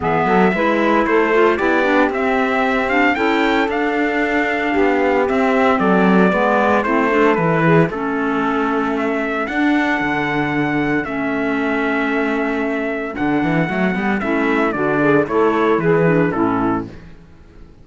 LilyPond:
<<
  \new Staff \with { instrumentName = "trumpet" } { \time 4/4 \tempo 4 = 114 e''2 c''4 d''4 | e''4. f''8 g''4 f''4~ | f''2 e''4 d''4~ | d''4 c''4 b'4 a'4~ |
a'4 e''4 fis''2~ | fis''4 e''2.~ | e''4 fis''2 e''4 | d''4 cis''4 b'4 a'4 | }
  \new Staff \with { instrumentName = "saxophone" } { \time 4/4 gis'8 a'8 b'4 a'4 g'4~ | g'2 a'2~ | a'4 g'2 a'4 | b'4 e'8 a'4 gis'8 a'4~ |
a'1~ | a'1~ | a'2. e'4 | fis'8 gis'8 a'4 gis'4 e'4 | }
  \new Staff \with { instrumentName = "clarinet" } { \time 4/4 b4 e'4. f'8 e'8 d'8 | c'4. d'8 e'4 d'4~ | d'2 c'2 | b4 c'8 d'8 e'4 cis'4~ |
cis'2 d'2~ | d'4 cis'2.~ | cis'4 d'4 a8 b8 cis'4 | d'4 e'4. d'8 cis'4 | }
  \new Staff \with { instrumentName = "cello" } { \time 4/4 e8 fis8 gis4 a4 b4 | c'2 cis'4 d'4~ | d'4 b4 c'4 fis4 | gis4 a4 e4 a4~ |
a2 d'4 d4~ | d4 a2.~ | a4 d8 e8 fis8 g8 a4 | d4 a4 e4 a,4 | }
>>